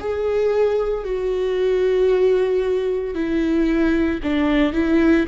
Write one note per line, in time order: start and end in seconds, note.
0.00 1.04 G#4
1.04 3.15 F#4
3.15 4.20 E4
4.24 4.73 D4
4.73 5.26 E4